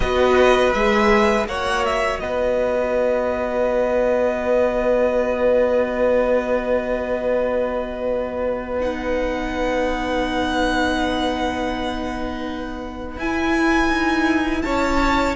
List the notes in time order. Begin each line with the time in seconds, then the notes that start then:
0.00 B3 F#4 B4 D#5
0.72 G#3 G#4 E5
1.46 A#3 F#4 C#5 F#5
1.85 E5
2.19 B3 B4 D#5
8.80 D#4 F#5
13.16 E4 G#5
13.89 D#4
14.62 C#4 C#5 A5